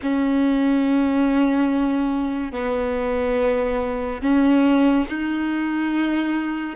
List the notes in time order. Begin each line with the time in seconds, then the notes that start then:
0.02 C#4
2.52 B3
4.22 C#4
5.09 D#4